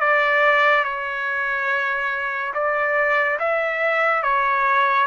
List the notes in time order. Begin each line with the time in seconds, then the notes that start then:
0.00 D5
0.84 C#5
2.54 D5
3.39 E5
4.23 C#5